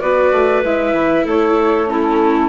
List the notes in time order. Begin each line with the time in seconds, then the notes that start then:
0.00 B3 F#4 B4 D5
0.32 A3
0.64 G#3 E4 E5
0.93 E3
1.25 A3 A4 C#5
1.87 C#4 E4 A4